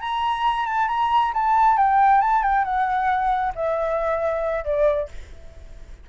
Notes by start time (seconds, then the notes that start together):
0.00 A#5
0.66 A5
0.88 A#5
1.33 A5
1.77 G5
2.21 A5
2.43 G5
2.64 F#5
3.55 E5
4.64 D5